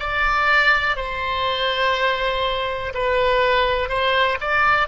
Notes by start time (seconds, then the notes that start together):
0.00 D5
0.96 C5
2.94 B4
3.89 C5
4.40 D5